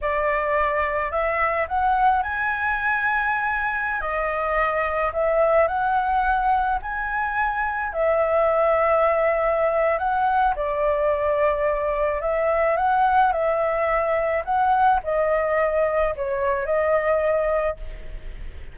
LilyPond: \new Staff \with { instrumentName = "flute" } { \time 4/4 \tempo 4 = 108 d''2 e''4 fis''4 | gis''2.~ gis''16 dis''8.~ | dis''4~ dis''16 e''4 fis''4.~ fis''16~ | fis''16 gis''2 e''4.~ e''16~ |
e''2 fis''4 d''4~ | d''2 e''4 fis''4 | e''2 fis''4 dis''4~ | dis''4 cis''4 dis''2 | }